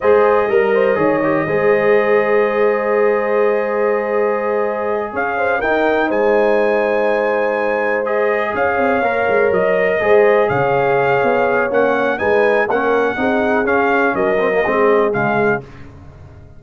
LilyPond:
<<
  \new Staff \with { instrumentName = "trumpet" } { \time 4/4 \tempo 4 = 123 dis''1~ | dis''1~ | dis''2~ dis''8 f''4 g''8~ | g''8 gis''2.~ gis''8~ |
gis''8 dis''4 f''2 dis''8~ | dis''4. f''2~ f''8 | fis''4 gis''4 fis''2 | f''4 dis''2 f''4 | }
  \new Staff \with { instrumentName = "horn" } { \time 4/4 c''4 ais'8 c''8 cis''4 c''4~ | c''1~ | c''2~ c''8 cis''8 c''8 ais'8~ | ais'8 c''2.~ c''8~ |
c''4. cis''2~ cis''8~ | cis''8 c''4 cis''2~ cis''8~ | cis''4 b'4 ais'4 gis'4~ | gis'4 ais'4 gis'2 | }
  \new Staff \with { instrumentName = "trombone" } { \time 4/4 gis'4 ais'4 gis'8 g'8 gis'4~ | gis'1~ | gis'2.~ gis'8 dis'8~ | dis'1~ |
dis'8 gis'2 ais'4.~ | ais'8 gis'2.~ gis'8 | cis'4 dis'4 cis'4 dis'4 | cis'4. c'16 ais16 c'4 gis4 | }
  \new Staff \with { instrumentName = "tuba" } { \time 4/4 gis4 g4 dis4 gis4~ | gis1~ | gis2~ gis8 cis'4 dis'8~ | dis'8 gis2.~ gis8~ |
gis4. cis'8 c'8 ais8 gis8 fis8~ | fis8 gis4 cis4. b4 | ais4 gis4 ais4 c'4 | cis'4 fis4 gis4 cis4 | }
>>